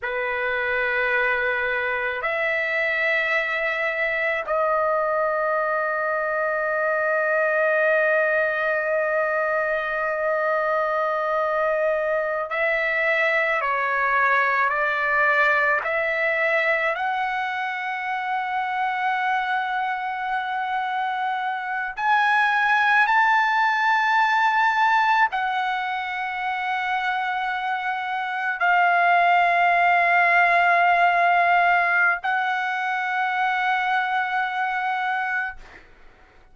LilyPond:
\new Staff \with { instrumentName = "trumpet" } { \time 4/4 \tempo 4 = 54 b'2 e''2 | dis''1~ | dis''2.~ dis''16 e''8.~ | e''16 cis''4 d''4 e''4 fis''8.~ |
fis''2.~ fis''8. gis''16~ | gis''8. a''2 fis''4~ fis''16~ | fis''4.~ fis''16 f''2~ f''16~ | f''4 fis''2. | }